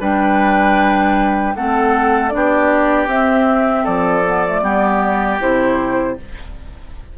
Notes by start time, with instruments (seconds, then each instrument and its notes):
0.00 bassoon G3, clarinet D4, oboe B4, flute G5
1.56 bassoon A3, clarinet C4, oboe A4, flute F#5
2.29 bassoon B3, clarinet D4, flute D5
2.36 oboe G4
3.07 bassoon C4, clarinet C4, flute E5
3.83 bassoon F3, oboe A4, flute D5
4.26 clarinet B3
4.46 clarinet A3
4.62 bassoon G3, clarinet B3, oboe G4
5.40 bassoon C3, clarinet E4, flute C5